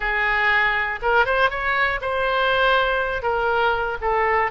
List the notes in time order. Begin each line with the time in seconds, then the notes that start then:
0.00 G#4
1.02 A#4
1.25 C5
1.50 C#5
2.01 C5
3.22 A#4
4.01 A4